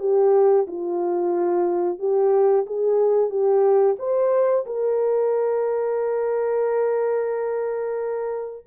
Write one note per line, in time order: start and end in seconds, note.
0.00 0.67 G4
0.68 1.99 F4
1.99 2.66 G4
2.67 3.30 G#4
3.30 3.97 G4
3.99 4.65 C5
4.66 8.66 A#4